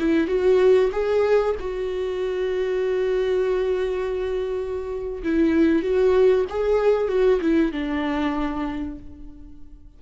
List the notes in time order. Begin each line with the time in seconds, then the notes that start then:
0.00 E4
0.28 F#4
0.92 G#4
1.60 F#4
5.24 E4
5.83 F#4
6.50 G#4
7.09 F#4
7.42 E4
7.73 D4